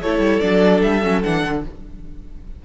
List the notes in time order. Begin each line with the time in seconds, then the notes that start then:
0.00 A3 E4 A4 C#5
0.18 G3
0.40 F#3 D4 D5
0.82 G3 E5
1.03 F#3 C#4
1.23 E3 D4 F#5
1.44 D3